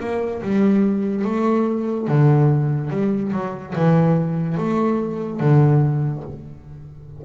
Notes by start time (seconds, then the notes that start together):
0.00 A#3
0.42 G3
1.25 A3
2.08 D3
2.91 G3
3.33 F#3
3.76 E3
4.58 A3
5.41 D3